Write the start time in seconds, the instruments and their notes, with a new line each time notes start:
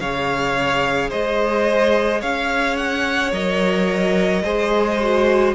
0.00 cello C#3, viola G#4, violin C#5 F5
1.10 cello G#3, violin C5 D#5
2.21 cello C#4, violin C#5 F5
2.77 violin F#5
3.32 cello F#3, viola A#4, violin D#5
4.44 cello G#3, viola G#4, violin C5
5.03 viola F#4